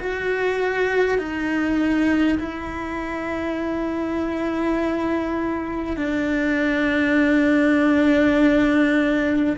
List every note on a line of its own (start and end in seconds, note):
0.00 1.18 F#4
1.18 2.38 D#4
2.39 5.97 E4
5.97 9.57 D4